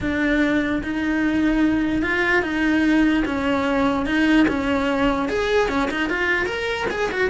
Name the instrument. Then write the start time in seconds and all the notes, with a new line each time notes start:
cello
0.01 D4
0.83 D#4
2.02 F4
2.42 D#4
3.25 C#4
4.05 D#4
4.47 C#4
5.29 G#4
5.69 C#4
5.91 D#4
6.09 F4
6.46 A#4
6.90 G#4
7.11 F#4